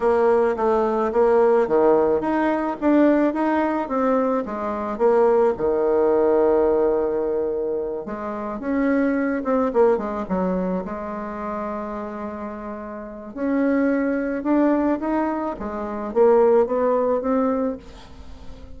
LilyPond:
\new Staff \with { instrumentName = "bassoon" } { \time 4/4 \tempo 4 = 108 ais4 a4 ais4 dis4 | dis'4 d'4 dis'4 c'4 | gis4 ais4 dis2~ | dis2~ dis8 gis4 cis'8~ |
cis'4 c'8 ais8 gis8 fis4 gis8~ | gis1 | cis'2 d'4 dis'4 | gis4 ais4 b4 c'4 | }